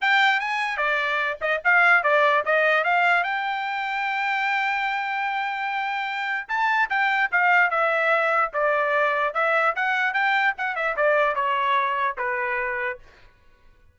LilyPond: \new Staff \with { instrumentName = "trumpet" } { \time 4/4 \tempo 4 = 148 g''4 gis''4 d''4. dis''8 | f''4 d''4 dis''4 f''4 | g''1~ | g''1 |
a''4 g''4 f''4 e''4~ | e''4 d''2 e''4 | fis''4 g''4 fis''8 e''8 d''4 | cis''2 b'2 | }